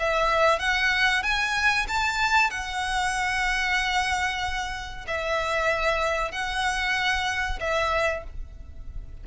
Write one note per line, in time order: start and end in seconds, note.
0.00 0.59 E5
0.59 1.23 F#5
1.23 1.87 G#5
1.89 2.51 A5
2.51 5.06 F#5
5.08 6.32 E5
6.32 7.60 F#5
7.61 8.25 E5